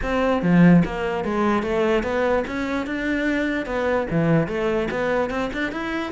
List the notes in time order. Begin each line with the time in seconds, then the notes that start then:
0.02 C4
0.42 F3
0.84 A#3
1.24 G#3
1.62 A3
2.03 B3
2.47 C#4
2.86 D4
3.65 B3
4.10 E3
4.47 A3
4.91 B3
5.30 C4
5.53 D4
5.72 E4